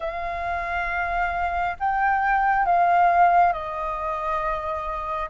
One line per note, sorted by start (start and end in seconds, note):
0.00 1.76 F5
1.79 2.65 G5
2.65 3.53 F5
3.53 5.29 D#5